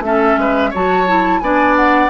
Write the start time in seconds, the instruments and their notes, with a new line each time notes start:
0.00 bassoon A3, clarinet C#4, oboe A4, flute E5
0.37 bassoon G#3, oboe B4
0.71 bassoon F#3, clarinet F#4, oboe C#5, flute A5
1.07 clarinet E4
1.40 bassoon B3, clarinet D4, oboe D5, flute G#5
1.76 flute F#5